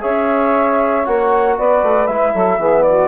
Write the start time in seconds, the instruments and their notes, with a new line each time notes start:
0.00 bassoon C#4, trombone G#4, saxophone C#5, flute E5
1.05 bassoon A#3, trombone F#4, flute F#5
1.58 bassoon B3, saxophone B4, flute D5
1.82 bassoon A3
2.07 bassoon G#3, trombone E4, flute E5
2.32 bassoon F#3, saxophone A4
2.58 bassoon E3, trombone B3, saxophone G#4
2.82 saxophone F#4, flute D5